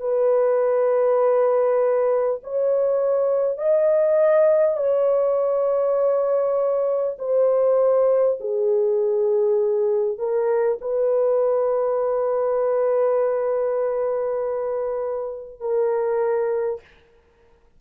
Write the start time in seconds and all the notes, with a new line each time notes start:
0.00 B4
2.43 C#5
3.58 D#5
4.77 C#5
7.18 C5
8.41 G#4
10.18 A#4
10.81 B4
15.61 A#4